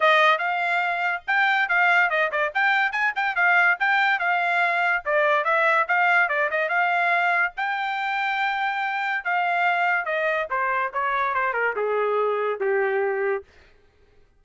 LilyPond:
\new Staff \with { instrumentName = "trumpet" } { \time 4/4 \tempo 4 = 143 dis''4 f''2 g''4 | f''4 dis''8 d''8 g''4 gis''8 g''8 | f''4 g''4 f''2 | d''4 e''4 f''4 d''8 dis''8 |
f''2 g''2~ | g''2 f''2 | dis''4 c''4 cis''4 c''8 ais'8 | gis'2 g'2 | }